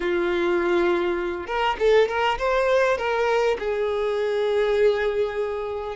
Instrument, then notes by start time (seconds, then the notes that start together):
violin
0.00 F4
1.46 A#4
1.79 A4
2.08 A#4
2.38 C5
2.97 A#4
3.58 G#4